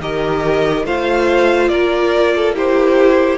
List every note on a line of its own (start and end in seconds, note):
0.00 0.85 D#3
0.00 0.87 G4
0.00 0.86 A#4
0.00 0.86 D#5
0.85 1.69 A3
0.85 2.55 F4
0.85 1.70 C5
0.85 1.68 F5
1.68 3.38 A#3
1.68 2.35 A#4
1.68 2.53 D5
2.36 2.55 A4
2.55 3.38 E4
2.55 3.38 G4
2.55 3.38 C5